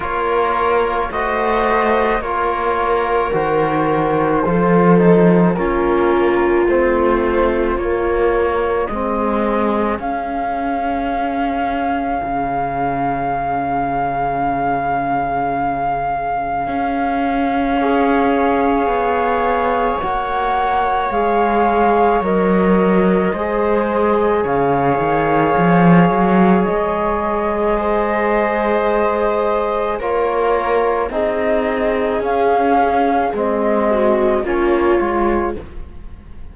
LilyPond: <<
  \new Staff \with { instrumentName = "flute" } { \time 4/4 \tempo 4 = 54 cis''4 dis''4 cis''4 c''4~ | c''4 ais'4 c''4 cis''4 | dis''4 f''2.~ | f''1~ |
f''2 fis''4 f''4 | dis''2 f''2 | dis''2. cis''4 | dis''4 f''4 dis''4 cis''4 | }
  \new Staff \with { instrumentName = "viola" } { \time 4/4 ais'4 c''4 ais'2 | a'4 f'2. | gis'1~ | gis'1 |
cis''1~ | cis''4 c''4 cis''2~ | cis''4 c''2 ais'4 | gis'2~ gis'8 fis'8 f'4 | }
  \new Staff \with { instrumentName = "trombone" } { \time 4/4 f'4 fis'4 f'4 fis'4 | f'8 dis'8 cis'4 c'4 ais4 | c'4 cis'2.~ | cis'1 |
gis'2 fis'4 gis'4 | ais'4 gis'2.~ | gis'2. f'4 | dis'4 cis'4 c'4 cis'8 f'8 | }
  \new Staff \with { instrumentName = "cello" } { \time 4/4 ais4 a4 ais4 dis4 | f4 ais4 a4 ais4 | gis4 cis'2 cis4~ | cis2. cis'4~ |
cis'4 b4 ais4 gis4 | fis4 gis4 cis8 dis8 f8 fis8 | gis2. ais4 | c'4 cis'4 gis4 ais8 gis8 | }
>>